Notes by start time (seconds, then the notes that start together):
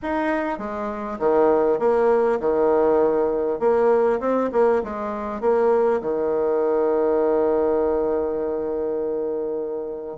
0.02 D#4
0.58 G#3
1.19 D#3
1.79 A#3
2.39 D#3
3.59 A#3
4.20 C4
4.52 A#3
4.83 G#3
5.41 A#3
6.01 D#3